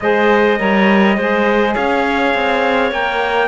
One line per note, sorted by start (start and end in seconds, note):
0.00 0.59 G#3
0.00 0.57 G#4
0.00 0.60 C5
0.00 1.75 D#5
0.57 1.17 G3
0.57 1.16 A#4
0.57 1.17 C#5
1.17 1.75 G#3
1.17 2.92 G#4
1.17 1.74 C5
1.74 2.34 C#4
1.74 3.47 C#5
1.74 2.91 F5
2.34 2.91 C4
2.91 3.47 A#3
2.91 3.47 A#4
2.91 3.47 G5